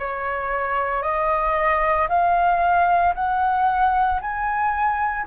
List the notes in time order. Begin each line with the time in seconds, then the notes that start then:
0.00 C#5
1.03 D#5
2.10 F5
3.15 F#5
4.22 G#5